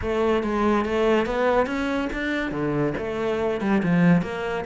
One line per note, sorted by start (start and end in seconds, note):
0.01 0.43 A3
0.43 0.85 G#3
0.85 1.26 A3
1.26 1.66 B3
1.66 2.08 C#4
2.12 2.51 D4
2.51 2.93 D3
2.97 3.60 A3
3.60 3.81 G3
3.82 4.22 F3
4.22 4.64 A#3